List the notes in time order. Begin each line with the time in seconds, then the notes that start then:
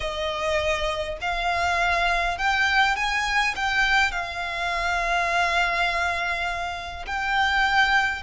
0.00 D#5
1.21 F5
2.37 G5
2.96 G#5
3.55 G5
4.11 F5
7.06 G5